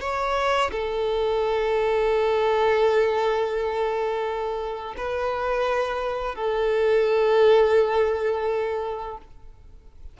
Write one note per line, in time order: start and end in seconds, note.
0.00 0.71 C#5
0.71 4.95 A4
4.97 6.35 B4
6.35 9.17 A4